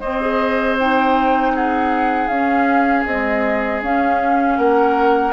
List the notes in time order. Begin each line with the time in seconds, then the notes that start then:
0.00 C4 C5 D#5
0.21 G#4
0.79 D#4 G5
1.55 G#4 F#5
2.27 C#4 F5
3.06 G#3 C4 D#5
3.82 C#4 F5
4.58 A#3 A#4 F#5